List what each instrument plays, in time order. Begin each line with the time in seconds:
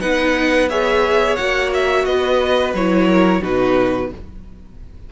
0.00 cello B3, viola D#4, violin B4 F#5
0.69 viola G#4, violin C#5 E5
1.36 cello A#3, viola F#4, violin F#5
1.74 violin E5
2.05 cello B3, violin B4 D#5
2.73 cello F#3, viola E4, violin C#5
3.07 violin A#4
3.42 cello B2, viola D#4, violin F#4 B4